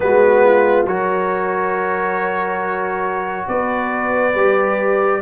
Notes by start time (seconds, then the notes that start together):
0.00 G#3 B3 F#4 B4
0.44 F4
0.85 F#3 F#4 A#4 C#5
3.47 B3 B4 D5
4.34 G3 G4